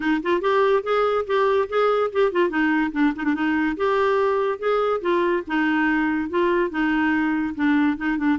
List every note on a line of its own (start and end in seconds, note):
0.00 0.21 D#4
0.22 0.41 F4
0.41 0.83 G4
0.83 1.25 G#4
1.26 1.68 G4
1.69 2.11 G#4
2.12 2.32 G4
2.32 2.49 F4
2.49 2.91 D#4
2.92 3.13 D4
3.16 3.24 D#4
3.24 3.34 D4
3.34 3.76 D#4
3.76 4.58 G4
4.58 5.00 G#4
5.01 5.43 F4
5.47 6.29 D#4
6.29 6.70 F4
6.70 7.54 D#4
7.55 7.97 D4
7.97 8.17 D#4
8.17 8.38 D4